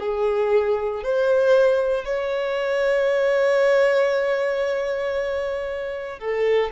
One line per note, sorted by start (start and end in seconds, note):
0.00 1.03 G#4
1.04 2.05 C5
2.05 6.19 C#5
6.19 6.71 A4